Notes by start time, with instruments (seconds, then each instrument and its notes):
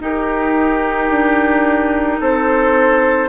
0.00 bassoon D#4, clarinet D#4, oboe G4, flute A#4
1.09 bassoon D4
2.20 bassoon C4, oboe A4, flute C5